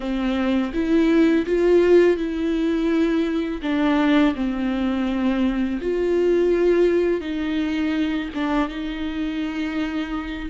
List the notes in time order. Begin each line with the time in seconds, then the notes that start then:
0.00 C4
0.73 E4
1.46 F4
2.17 E4
3.61 D4
4.35 C4
5.81 F4
7.20 D#4
8.34 D4
8.68 D#4